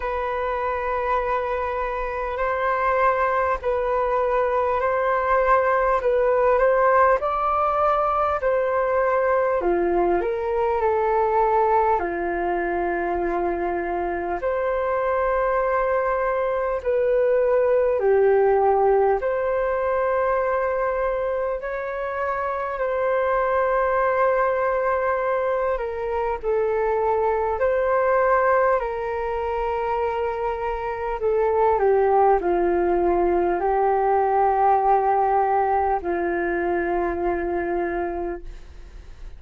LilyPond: \new Staff \with { instrumentName = "flute" } { \time 4/4 \tempo 4 = 50 b'2 c''4 b'4 | c''4 b'8 c''8 d''4 c''4 | f'8 ais'8 a'4 f'2 | c''2 b'4 g'4 |
c''2 cis''4 c''4~ | c''4. ais'8 a'4 c''4 | ais'2 a'8 g'8 f'4 | g'2 f'2 | }